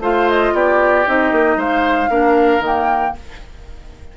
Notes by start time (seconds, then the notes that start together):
0.00 A3 F4 C5 F5
0.29 D#5
0.53 B3 G4 D5
1.06 C4 D#4 D#5
1.32 A#3
1.56 G#3 C5 F5
2.10 A#3 D4 A#4
2.59 D#3 A#3 G5